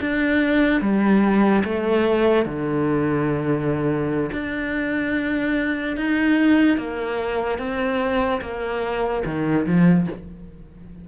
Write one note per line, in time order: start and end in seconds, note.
0.00 0.81 D4
0.81 1.63 G3
1.64 2.45 A3
2.45 4.30 D3
4.32 5.96 D4
5.97 6.77 D#4
6.77 7.58 A#3
7.58 8.40 C4
8.41 9.23 A#3
9.25 9.66 D#3
9.66 10.07 F3